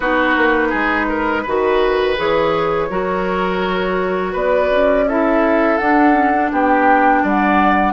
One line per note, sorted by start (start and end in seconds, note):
0.00 0.35 B3
0.00 1.45 D#4
0.00 0.68 F#4
0.00 2.16 B4
0.36 0.72 A#3
0.69 1.45 G#3
0.69 1.05 G#4
1.09 1.42 A#4
1.42 2.18 D#3
1.42 2.16 F#4
1.42 2.87 B4
2.16 2.89 E3
2.16 2.88 G#4
2.16 4.35 C#5
2.89 4.34 F#3
2.89 5.06 F#4
2.89 4.32 A#4
4.32 4.70 B3
4.32 5.04 B4
4.32 5.08 D5
4.70 5.78 C#4
5.08 5.80 E4
5.08 6.51 A4
5.08 5.77 E5
5.77 6.51 D4
5.77 6.13 D4
5.77 6.49 F#5
6.13 6.31 C#4
6.33 7.93 D4
6.51 7.23 B3
6.51 7.23 G4
6.51 7.26 G5
7.23 7.93 G3
7.23 7.93 D5
7.23 7.93 F#5